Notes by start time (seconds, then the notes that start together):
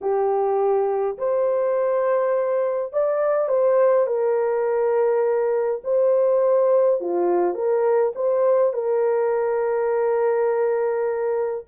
0.01 G4
1.18 C5
2.92 D5
3.48 C5
4.06 A#4
5.84 C5
7.00 F4
7.54 A#4
8.15 C5
8.73 A#4